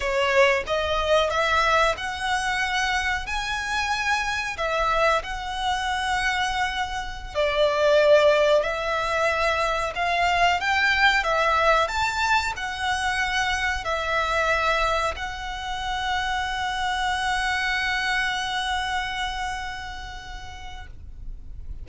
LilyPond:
\new Staff \with { instrumentName = "violin" } { \time 4/4 \tempo 4 = 92 cis''4 dis''4 e''4 fis''4~ | fis''4 gis''2 e''4 | fis''2.~ fis''16 d''8.~ | d''4~ d''16 e''2 f''8.~ |
f''16 g''4 e''4 a''4 fis''8.~ | fis''4~ fis''16 e''2 fis''8.~ | fis''1~ | fis''1 | }